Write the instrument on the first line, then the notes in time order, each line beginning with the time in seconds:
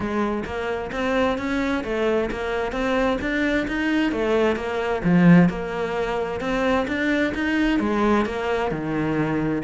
cello
0.00 G#3
0.45 A#3
0.92 C4
1.37 C#4
1.84 A3
2.31 A#3
2.72 C4
3.21 D4
3.67 D#4
4.11 A3
4.56 A#3
5.03 F3
5.49 A#3
6.40 C4
6.87 D4
7.34 D#4
7.79 G#3
8.25 A#3
8.71 D#3